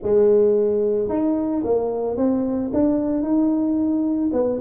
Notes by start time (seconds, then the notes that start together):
0.02 G#3
1.08 D#4
1.63 A#3
2.16 C4
2.73 D4
3.22 D#4
4.32 B3